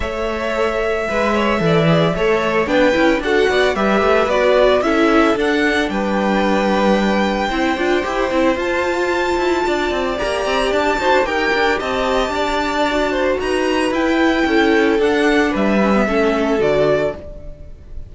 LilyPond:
<<
  \new Staff \with { instrumentName = "violin" } { \time 4/4 \tempo 4 = 112 e''1~ | e''4 g''4 fis''4 e''4 | d''4 e''4 fis''4 g''4~ | g''1 |
a''2. ais''4 | a''4 g''4 a''2~ | a''4 ais''4 g''2 | fis''4 e''2 d''4 | }
  \new Staff \with { instrumentName = "violin" } { \time 4/4 cis''2 b'8 cis''8 d''4 | cis''4 b'4 a'8 d''8 b'4~ | b'4 a'2 b'4~ | b'2 c''2~ |
c''2 d''2~ | d''8 c''8 ais'4 dis''4 d''4~ | d''8 c''8 b'2 a'4~ | a'4 b'4 a'2 | }
  \new Staff \with { instrumentName = "viola" } { \time 4/4 a'2 b'4 a'8 gis'8 | a'4 d'8 e'8 fis'4 g'4 | fis'4 e'4 d'2~ | d'2 e'8 f'8 g'8 e'8 |
f'2. g'4~ | g'8 fis'8 g'2. | fis'2 e'2 | d'4. cis'16 b16 cis'4 fis'4 | }
  \new Staff \with { instrumentName = "cello" } { \time 4/4 a2 gis4 e4 | a4 b8 cis'8 d'8 b8 g8 a8 | b4 cis'4 d'4 g4~ | g2 c'8 d'8 e'8 c'8 |
f'4. e'8 d'8 c'8 ais8 c'8 | d'8 dis'16 d'16 dis'8 d'8 c'4 d'4~ | d'4 dis'4 e'4 cis'4 | d'4 g4 a4 d4 | }
>>